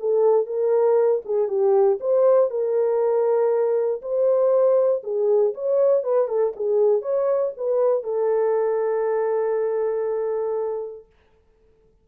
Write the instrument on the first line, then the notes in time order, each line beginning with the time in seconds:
horn
0.00 A4
0.47 A#4
1.25 G#4
1.49 G4
2.01 C5
2.50 A#4
4.02 C5
5.04 G#4
5.55 C#5
6.04 B4
6.28 A4
6.56 G#4
7.02 C#5
7.57 B4
8.04 A4